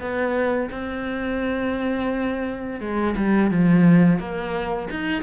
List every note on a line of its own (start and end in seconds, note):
0.00 0.70 B3
0.71 2.80 C4
2.80 3.15 G#3
3.16 3.51 G3
3.51 4.19 F3
4.19 4.89 A#3
4.91 5.23 D#4